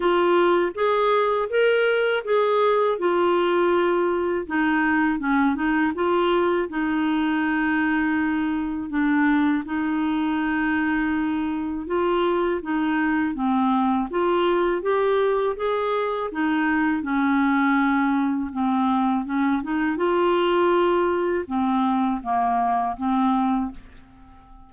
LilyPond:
\new Staff \with { instrumentName = "clarinet" } { \time 4/4 \tempo 4 = 81 f'4 gis'4 ais'4 gis'4 | f'2 dis'4 cis'8 dis'8 | f'4 dis'2. | d'4 dis'2. |
f'4 dis'4 c'4 f'4 | g'4 gis'4 dis'4 cis'4~ | cis'4 c'4 cis'8 dis'8 f'4~ | f'4 c'4 ais4 c'4 | }